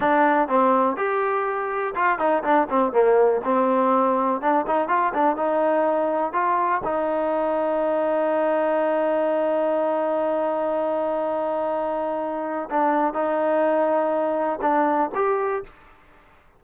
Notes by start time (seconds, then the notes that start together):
0.00 D4
0.48 C4
0.96 G4
1.95 F4
2.18 D#4
2.43 D4
2.69 C4
2.92 A#3
3.44 C4
4.41 D4
4.67 D#4
4.88 F4
5.14 D4
5.36 D#4
6.33 F4
6.84 D#4
12.70 D4
13.13 D#4
14.61 D4
15.14 G4